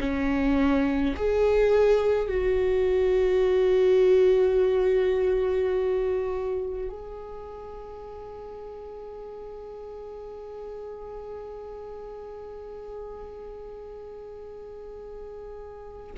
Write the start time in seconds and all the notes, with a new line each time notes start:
0.00 C#4
1.16 G#4
2.28 F#4
6.89 G#4